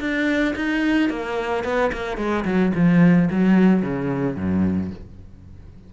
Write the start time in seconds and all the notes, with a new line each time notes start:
0.00 D4
0.56 D#4
1.10 A#3
1.64 B3
1.92 A#3
2.17 G#3
2.45 F#3
2.75 F3
3.31 F#3
3.82 C#3
4.36 F#2